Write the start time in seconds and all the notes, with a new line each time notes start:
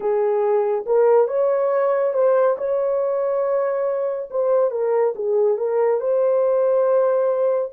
0.00 G#4
0.86 A#4
1.27 C#5
2.13 C5
2.57 C#5
4.30 C5
4.70 A#4
5.15 G#4
5.57 A#4
6.00 C5